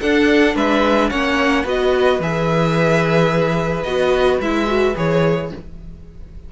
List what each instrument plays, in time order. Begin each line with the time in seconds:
0.00 cello D4, viola D4, violin A4 F#5
0.55 cello G#3, violin B4 E5
1.09 cello A#3, viola C#4, violin C#5 F#5
1.63 cello B3, viola F#4, violin B4 D#5
2.19 cello E3, viola G#4, violin E5
3.83 cello B3, viola F#4, violin D#5
4.39 cello G#3, viola E4, violin E5
4.66 viola F#4
4.95 cello E3, viola G#4, violin C#5